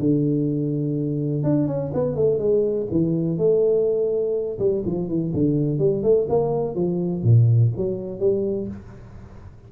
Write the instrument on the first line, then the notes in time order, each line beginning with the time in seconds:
tuba
0.00 D3
1.44 D4
1.68 C#4
1.94 B3
2.16 A3
2.39 G#3
2.92 E3
3.38 A3
4.59 G3
4.86 F3
5.09 E3
5.34 D3
5.79 G3
6.04 A3
6.29 A#3
6.76 F3
7.23 A#2
7.77 F#3
8.20 G3